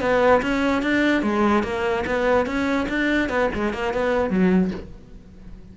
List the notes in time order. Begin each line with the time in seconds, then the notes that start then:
0.00 B3
0.42 C#4
0.82 D4
1.22 G#3
1.63 A#3
2.06 B3
2.46 C#4
2.88 D4
3.29 B3
3.54 G#3
3.73 A#3
3.93 B3
4.30 F#3